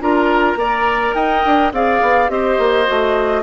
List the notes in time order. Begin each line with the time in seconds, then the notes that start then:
0.00 D4 F4 A#4 A#5
0.55 A#3 A#4 D5
1.14 D#4 D#5 G5
1.45 D4
1.72 C4 G#4 D5 F5
2.02 B3
2.28 C4 G4 C5 D#5
2.58 A#3
2.85 A3 F#4